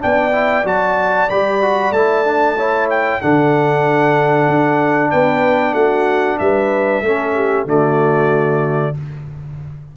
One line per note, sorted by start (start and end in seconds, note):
0.00 0.65 B3
0.00 0.32 D4
0.00 2.57 D5
0.00 0.67 G5
0.33 0.64 E4
0.65 1.28 F#3
0.65 1.29 F#4
0.65 1.30 A5
1.30 1.91 G3
1.30 1.62 G4
1.30 1.93 B5
1.62 1.94 F#4
1.91 3.19 A3
1.91 2.25 E4
1.91 2.89 A5
2.25 2.57 D4
2.57 3.22 E4
2.57 3.21 C#5
2.91 3.22 G5
3.22 4.49 D3
3.22 7.05 D4
3.22 5.12 A4
3.22 5.11 F#5
4.49 5.12 D4
5.11 5.74 B3
5.11 5.74 B4
5.11 5.75 G5
5.74 6.37 A3
5.74 6.38 F#4
5.74 6.39 F#5
6.39 7.02 G3
6.39 7.05 B4
6.39 7.67 E5
7.02 7.66 A3
7.02 7.67 C#4
7.02 7.35 A4
7.35 7.67 G4
7.66 8.93 D3
7.66 8.95 A3
7.66 8.95 F#4
7.66 8.97 D5